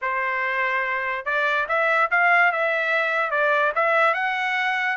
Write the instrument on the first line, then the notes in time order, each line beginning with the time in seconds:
trumpet
0.01 C5
1.25 D5
1.68 E5
2.10 F5
2.52 E5
3.30 D5
3.75 E5
4.14 F#5